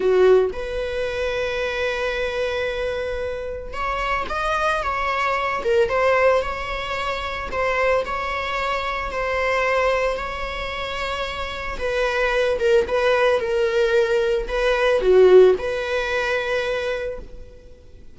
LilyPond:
\new Staff \with { instrumentName = "viola" } { \time 4/4 \tempo 4 = 112 fis'4 b'2.~ | b'2. cis''4 | dis''4 cis''4. ais'8 c''4 | cis''2 c''4 cis''4~ |
cis''4 c''2 cis''4~ | cis''2 b'4. ais'8 | b'4 ais'2 b'4 | fis'4 b'2. | }